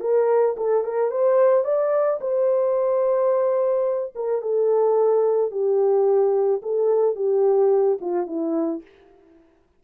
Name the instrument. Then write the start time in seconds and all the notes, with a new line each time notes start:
horn
0.00 A#4
0.56 A4
0.84 A#4
1.11 C5
1.64 D5
2.20 C5
4.15 A#4
4.41 A4
5.51 G4
6.62 A4
7.15 G4
8.00 F4
8.26 E4